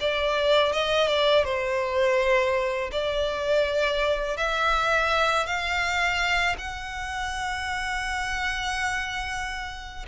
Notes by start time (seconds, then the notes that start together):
0.00 D5
0.73 D#5
1.07 D5
1.44 C5
2.92 D5
4.37 E5
5.46 F5
6.58 F#5